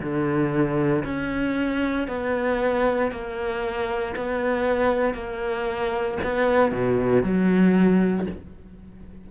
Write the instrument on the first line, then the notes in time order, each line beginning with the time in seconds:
cello
0.00 D3
1.04 C#4
2.08 B3
3.11 A#3
4.16 B3
5.14 A#3
6.23 B3
6.71 B2
7.23 F#3